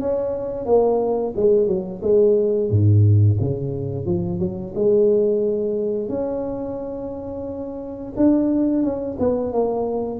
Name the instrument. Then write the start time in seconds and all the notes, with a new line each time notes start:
tuba
0.00 C#4
0.66 A#3
1.36 G#3
1.67 F#3
2.02 G#3
2.71 G#2
3.40 C#3
4.06 F3
4.39 F#3
4.75 G#3
6.09 C#4
8.17 D4
8.83 C#4
9.19 B3
9.53 A#3